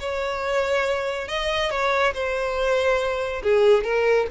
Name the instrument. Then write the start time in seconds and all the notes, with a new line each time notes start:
violin
0.00 C#5
1.28 D#5
1.71 C#5
2.14 C5
3.43 G#4
3.84 A#4